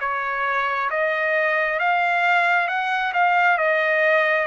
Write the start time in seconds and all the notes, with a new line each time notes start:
0.00 C#5
0.90 D#5
1.79 F5
2.67 F#5
3.13 F5
3.57 D#5